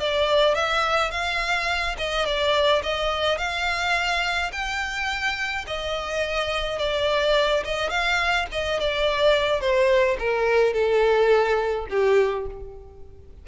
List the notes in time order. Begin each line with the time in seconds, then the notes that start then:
0.00 D5
0.55 E5
1.11 F5
1.98 D#5
2.26 D5
2.83 D#5
3.38 F5
4.52 G5
5.67 D#5
6.79 D5
7.65 D#5
7.90 F5
8.52 D#5
8.80 D5
9.60 C5
10.19 A#4
10.73 A4
11.90 G4